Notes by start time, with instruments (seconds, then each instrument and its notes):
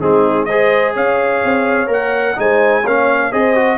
0.00 tuba G#3, trombone C4, horn D#4, trumpet G#4
0.45 trombone G#4, horn C5, trumpet D#5
0.95 tuba C#4, horn C#5, trumpet F5
1.45 tuba C4
1.87 tuba A#3, trombone A#4, trumpet F#5
2.36 tuba G#3, trombone D#4, horn C5, trumpet G#5
2.83 tuba A#3, trombone C#4, horn C#5, trumpet F5
3.32 tuba C4, trombone G#4, horn C5, trumpet D#5
3.56 trombone F#4